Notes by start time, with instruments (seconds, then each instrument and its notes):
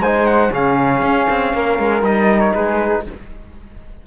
0.00 cello G#3, trombone D#4, flute C5, trumpet G#5
0.27 trumpet F#5
0.51 cello C#3, trombone C#4, flute G#4, trumpet F5
1.02 cello C#4
1.30 cello C4
1.54 cello A#3, flute A#4
1.79 cello G#3
2.02 cello G3, trombone D#4, trumpet D#5
2.40 trumpet C#5
2.55 cello G#3, flute G#4, trumpet B4